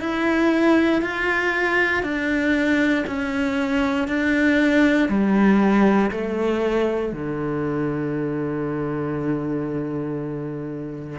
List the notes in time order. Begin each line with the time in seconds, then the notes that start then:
0.00 E4
1.02 F4
2.03 D4
3.06 C#4
4.08 D4
5.09 G3
6.11 A3
7.12 D3